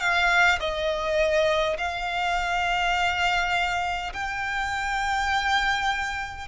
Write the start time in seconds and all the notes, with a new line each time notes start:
0.00 F5
0.60 D#5
1.78 F5
4.13 G5